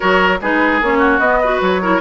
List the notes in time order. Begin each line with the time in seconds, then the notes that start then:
0.00 F#3 F#4 A#4 C#5
0.41 G#3 D#4 G#4 B4
0.81 A#3 C#4 C#5
0.98 F#4
1.19 B3 D#5
1.41 F#4 B4
1.61 F#3 C#5
1.81 E4 A#4